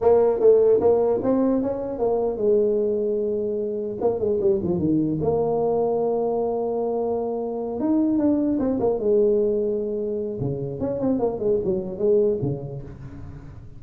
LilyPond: \new Staff \with { instrumentName = "tuba" } { \time 4/4 \tempo 4 = 150 ais4 a4 ais4 c'4 | cis'4 ais4 gis2~ | gis2 ais8 gis8 g8 f8 | dis4 ais2.~ |
ais2.~ ais8 dis'8~ | dis'8 d'4 c'8 ais8 gis4.~ | gis2 cis4 cis'8 c'8 | ais8 gis8 fis4 gis4 cis4 | }